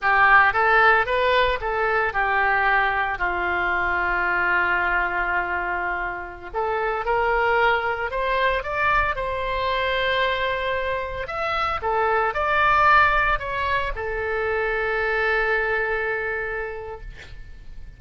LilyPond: \new Staff \with { instrumentName = "oboe" } { \time 4/4 \tempo 4 = 113 g'4 a'4 b'4 a'4 | g'2 f'2~ | f'1~ | f'16 a'4 ais'2 c''8.~ |
c''16 d''4 c''2~ c''8.~ | c''4~ c''16 e''4 a'4 d''8.~ | d''4~ d''16 cis''4 a'4.~ a'16~ | a'1 | }